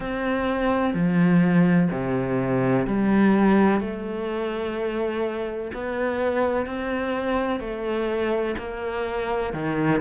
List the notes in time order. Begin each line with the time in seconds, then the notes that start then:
0.00 C4
0.94 F3
1.90 C3
2.86 G3
3.80 A3
5.73 B3
6.65 C4
7.60 A3
8.58 A#3
9.53 D#3